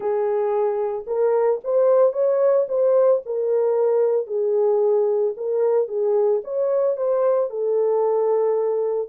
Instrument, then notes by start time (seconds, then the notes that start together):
horn
0.00 G#4
1.07 A#4
1.63 C5
2.12 C#5
2.68 C5
3.25 A#4
4.26 G#4
5.36 A#4
5.88 G#4
6.44 C#5
6.96 C5
7.50 A4